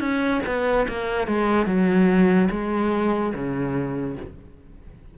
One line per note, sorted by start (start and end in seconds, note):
0.00 0.41 C#4
0.46 0.87 B3
0.89 1.28 A#3
1.28 1.67 G#3
1.67 2.49 F#3
2.51 3.33 G#3
3.35 4.17 C#3